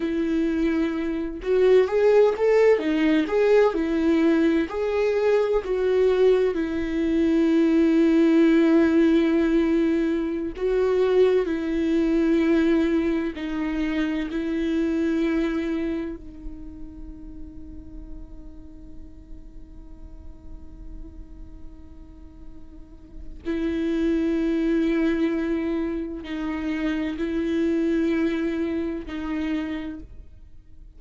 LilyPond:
\new Staff \with { instrumentName = "viola" } { \time 4/4 \tempo 4 = 64 e'4. fis'8 gis'8 a'8 dis'8 gis'8 | e'4 gis'4 fis'4 e'4~ | e'2.~ e'16 fis'8.~ | fis'16 e'2 dis'4 e'8.~ |
e'4~ e'16 dis'2~ dis'8.~ | dis'1~ | dis'4 e'2. | dis'4 e'2 dis'4 | }